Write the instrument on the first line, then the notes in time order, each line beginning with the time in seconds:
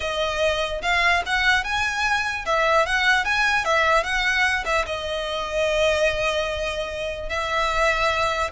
violin
0.00 D#5
0.82 F5
1.26 F#5
1.64 G#5
2.45 E5
2.86 F#5
3.24 G#5
3.64 E5
4.03 F#5
4.65 E5
4.85 D#5
7.29 E5